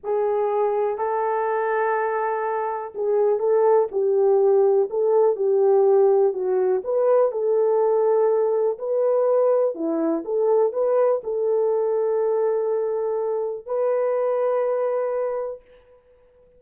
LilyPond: \new Staff \with { instrumentName = "horn" } { \time 4/4 \tempo 4 = 123 gis'2 a'2~ | a'2 gis'4 a'4 | g'2 a'4 g'4~ | g'4 fis'4 b'4 a'4~ |
a'2 b'2 | e'4 a'4 b'4 a'4~ | a'1 | b'1 | }